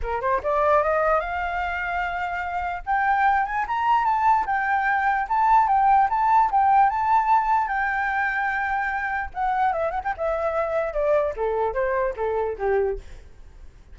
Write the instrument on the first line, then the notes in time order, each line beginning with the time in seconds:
flute
0.02 A#4
0.21 C5
0.43 D5
0.83 D#5
1.20 F5
2.86 G5
3.45 G#5
3.67 A#5
4.04 A5
4.46 G5
5.28 A5
5.67 G5
6.09 A5
6.51 G5
6.89 A5
7.68 G5
9.34 F#5
9.73 E5
9.90 F#5
10.04 G5
10.17 E5
10.93 D5
11.36 A4
11.73 C5
12.16 A4
12.58 G4